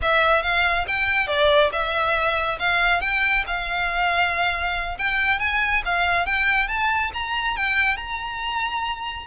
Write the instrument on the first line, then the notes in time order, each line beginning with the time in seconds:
violin
0.02 E5
0.42 F5
0.87 G5
1.27 D5
1.72 E5
2.59 F5
3.01 G5
3.46 F5
4.98 G5
5.39 G#5
5.85 F5
6.26 G5
6.67 A5
7.13 A#5
7.56 G5
7.96 A#5